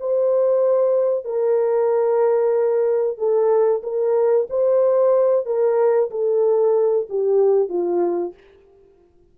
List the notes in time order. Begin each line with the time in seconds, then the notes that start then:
0.00 C5
1.25 A#4
3.18 A4
3.83 A#4
4.50 C5
5.46 A#4
6.11 A4
7.10 G4
7.69 F4